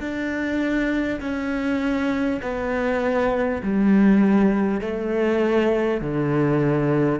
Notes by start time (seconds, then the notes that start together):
0.00 D4
1.20 C#4
2.42 B3
3.63 G3
4.80 A3
6.01 D3